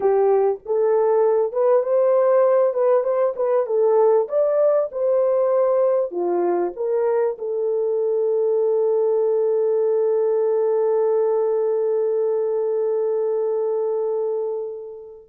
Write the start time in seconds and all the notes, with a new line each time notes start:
0.00 G4
0.65 A4
1.52 B4
1.82 C5
2.73 B4
3.03 C5
3.36 B4
3.66 A4
4.28 D5
4.91 C5
6.11 F4
6.75 A#4
7.38 A4